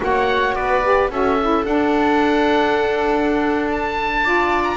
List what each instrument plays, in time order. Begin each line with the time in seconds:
0.00 double bass A#3, saxophone F#4, viola C#5, oboe F#5
0.55 double bass B3, viola B4, oboe D5
0.82 saxophone G4
1.10 double bass C#4, saxophone F#4, viola A4, oboe E5
1.41 saxophone E4
1.65 saxophone D4, double bass D4, oboe F#5
3.72 oboe A5
4.23 saxophone F4, viola D5
4.64 oboe A#5